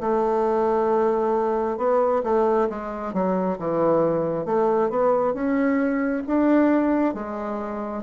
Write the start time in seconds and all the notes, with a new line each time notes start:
0.00 A3
1.77 B3
2.23 A3
2.69 G#3
3.13 F#3
3.59 E3
4.46 A3
4.90 B3
5.34 C#4
6.27 D4
7.14 G#3